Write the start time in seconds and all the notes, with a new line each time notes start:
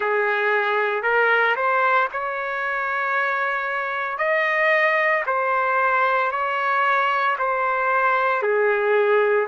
0.00 G#4
1.02 A#4
1.56 C5
2.12 C#5
4.18 D#5
5.26 C5
6.31 C#5
7.38 C5
8.42 G#4